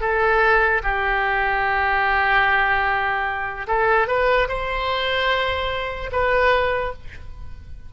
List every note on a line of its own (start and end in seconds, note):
0.00 0.81 A4
0.83 3.66 G4
3.67 4.07 A4
4.07 4.48 B4
4.48 6.10 C5
6.12 6.93 B4